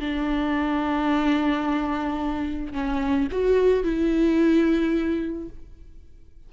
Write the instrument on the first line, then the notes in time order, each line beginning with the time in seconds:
viola
0.00 D4
2.72 C#4
3.31 F#4
3.83 E4